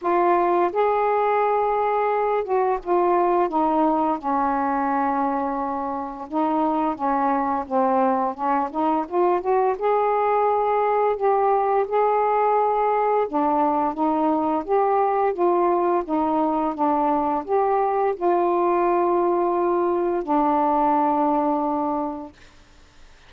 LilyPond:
\new Staff \with { instrumentName = "saxophone" } { \time 4/4 \tempo 4 = 86 f'4 gis'2~ gis'8 fis'8 | f'4 dis'4 cis'2~ | cis'4 dis'4 cis'4 c'4 | cis'8 dis'8 f'8 fis'8 gis'2 |
g'4 gis'2 d'4 | dis'4 g'4 f'4 dis'4 | d'4 g'4 f'2~ | f'4 d'2. | }